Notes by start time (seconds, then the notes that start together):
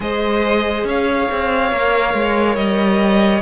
0.00 G#3 G#4 C5 D#5
0.84 C#4 C#5 F5
1.31 C4
1.71 A#3 A#4
2.14 G#3
2.55 G3 D#5